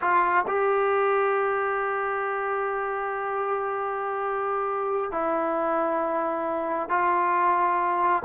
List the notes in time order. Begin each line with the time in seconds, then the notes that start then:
0.01 F4
0.47 G4
5.11 E4
6.89 F4